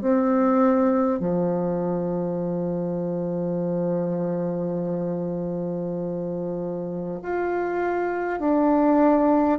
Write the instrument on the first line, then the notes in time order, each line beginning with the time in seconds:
bassoon
0.00 C4
1.19 F3
7.22 F4
8.39 D4